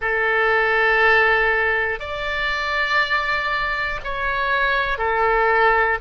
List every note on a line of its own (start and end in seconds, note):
0.00 1.99 A4
1.99 3.99 D5
4.04 4.98 C#5
4.98 5.98 A4